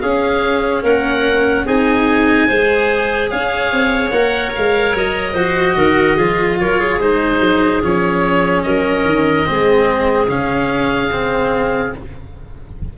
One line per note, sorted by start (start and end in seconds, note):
0.00 0.83 C#4
0.00 1.67 C#4
0.00 0.83 G#4
0.00 0.82 F5
0.83 1.65 A#3
0.83 1.65 A#4
0.83 1.67 F#5
1.65 2.48 C4
1.65 2.48 D#4
1.65 2.47 G#4
1.65 3.30 G#5
2.47 3.32 G#3
2.47 4.12 G#4
2.47 3.29 C5
3.30 3.72 C#4
3.30 5.33 C#5
3.30 4.10 F5
3.72 4.11 C4
4.10 4.52 A#3
4.10 5.36 A#4
4.10 4.51 F#5
4.55 4.94 G#3
4.55 4.96 F5
4.94 5.34 F#3
4.94 6.59 D#5
5.33 5.75 F3
5.33 6.17 F#4
5.33 5.74 C5
5.77 6.18 D#3
5.77 6.16 A#4
6.16 6.59 F3
6.16 6.99 F4
6.16 6.57 G#4
6.59 6.99 F#3
6.59 6.79 A#4
6.59 7.00 C#5
6.79 8.64 G#4
6.99 7.40 G#3
6.99 7.83 D#4
6.99 7.82 C5
7.40 7.81 F#3
7.82 8.64 F3
7.82 9.45 C#4
7.82 8.62 C#5
8.62 9.04 F#3
8.62 9.48 A#4
8.62 10.27 D#5
9.04 9.46 D#3
9.45 10.28 G#3
9.45 10.28 C4
9.45 11.97 G#4
10.28 11.93 C#3
10.28 11.10 C#4
10.28 11.93 F5
11.11 11.94 C4